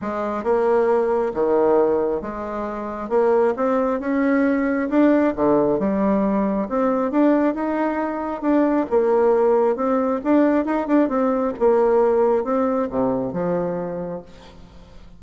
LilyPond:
\new Staff \with { instrumentName = "bassoon" } { \time 4/4 \tempo 4 = 135 gis4 ais2 dis4~ | dis4 gis2 ais4 | c'4 cis'2 d'4 | d4 g2 c'4 |
d'4 dis'2 d'4 | ais2 c'4 d'4 | dis'8 d'8 c'4 ais2 | c'4 c4 f2 | }